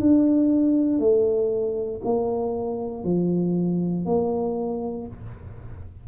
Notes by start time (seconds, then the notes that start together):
0.00 D4
0.99 A3
2.05 A#3
3.04 F3
4.06 A#3